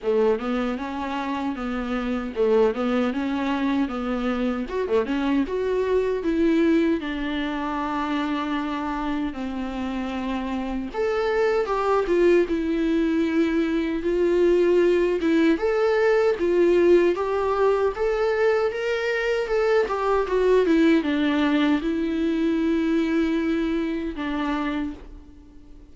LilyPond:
\new Staff \with { instrumentName = "viola" } { \time 4/4 \tempo 4 = 77 a8 b8 cis'4 b4 a8 b8 | cis'4 b4 fis'16 a16 cis'8 fis'4 | e'4 d'2. | c'2 a'4 g'8 f'8 |
e'2 f'4. e'8 | a'4 f'4 g'4 a'4 | ais'4 a'8 g'8 fis'8 e'8 d'4 | e'2. d'4 | }